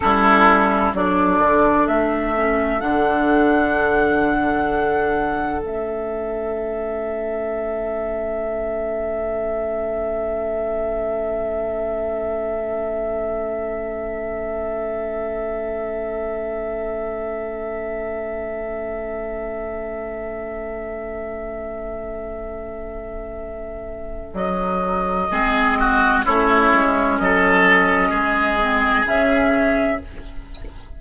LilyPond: <<
  \new Staff \with { instrumentName = "flute" } { \time 4/4 \tempo 4 = 64 a'4 d''4 e''4 fis''4~ | fis''2 e''2~ | e''1~ | e''1~ |
e''1~ | e''1~ | e''2 dis''2 | cis''4 dis''2 e''4 | }
  \new Staff \with { instrumentName = "oboe" } { \time 4/4 e'4 a'2.~ | a'1~ | a'1~ | a'1~ |
a'1~ | a'1~ | a'2. gis'8 fis'8 | e'4 a'4 gis'2 | }
  \new Staff \with { instrumentName = "clarinet" } { \time 4/4 cis'4 d'4. cis'8 d'4~ | d'2 cis'2~ | cis'1~ | cis'1~ |
cis'1~ | cis'1~ | cis'2. c'4 | cis'2~ cis'8 c'8 cis'4 | }
  \new Staff \with { instrumentName = "bassoon" } { \time 4/4 g4 fis8 d8 a4 d4~ | d2 a2~ | a1~ | a1~ |
a1~ | a1~ | a2 fis4 gis4 | a8 gis8 fis4 gis4 cis4 | }
>>